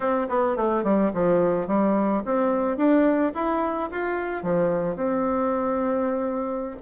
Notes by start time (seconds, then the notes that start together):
0.00 C4
0.29 B3
0.56 A3
0.83 G3
1.13 F3
1.67 G3
2.25 C4
2.77 D4
3.34 E4
3.91 F4
4.42 F3
4.95 C4